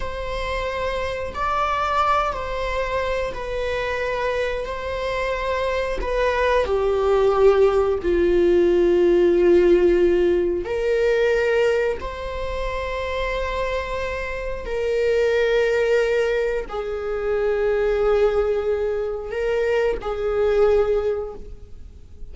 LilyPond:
\new Staff \with { instrumentName = "viola" } { \time 4/4 \tempo 4 = 90 c''2 d''4. c''8~ | c''4 b'2 c''4~ | c''4 b'4 g'2 | f'1 |
ais'2 c''2~ | c''2 ais'2~ | ais'4 gis'2.~ | gis'4 ais'4 gis'2 | }